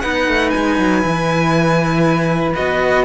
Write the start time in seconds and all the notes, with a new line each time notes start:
0.00 B3 D#4 B4 F#5
0.28 A3
0.50 G#3 G#5
0.79 F#3
1.02 E3 E4
2.54 B3 F#4 D#5